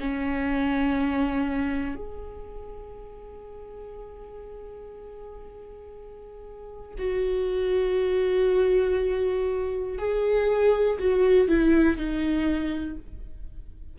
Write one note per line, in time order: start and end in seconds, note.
0.00 1.96 C#4
1.96 6.96 G#4
6.99 9.98 F#4
9.98 10.98 G#4
10.99 11.48 F#4
11.48 11.97 E4
11.97 12.97 D#4